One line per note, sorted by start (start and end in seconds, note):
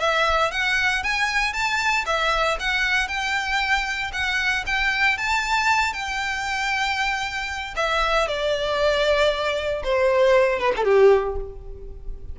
0.00 0.51 E5
0.51 1.03 F#5
1.03 1.53 G#5
1.53 2.05 A5
2.06 2.58 E5
2.60 3.08 F#5
3.08 4.11 G5
4.13 4.65 F#5
4.67 5.18 G5
5.18 5.93 A5
5.93 7.74 G5
7.76 8.28 E5
8.28 9.83 D5
9.84 10.60 C5
10.60 10.73 B4
10.77 10.85 A4
10.85 11.36 G4